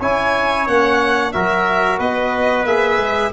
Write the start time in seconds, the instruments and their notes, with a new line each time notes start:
0.00 tuba C#4, trombone E4, trumpet C#5, violin G#5
0.68 tuba A#3, trombone C#4, violin F#5
1.33 tuba F#3, trombone F#4, trumpet A#4, violin E5
1.99 tuba B3, trumpet B4, violin D#5
2.65 tuba A#3, trombone G#4, violin E5
2.98 tuba G#3